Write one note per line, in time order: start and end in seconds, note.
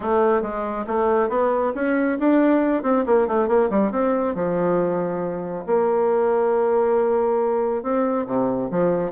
0.00 0.42 A3
0.42 0.85 G#3
0.86 1.29 A3
1.29 1.72 B3
1.74 2.18 C#4
2.19 2.83 D4
2.83 3.04 C4
3.06 3.27 A#3
3.27 3.47 A3
3.47 3.69 A#3
3.70 3.91 G3
3.91 4.35 C4
4.35 5.65 F3
5.66 7.82 A#3
7.82 8.26 C4
8.26 8.70 C3
8.70 9.11 F3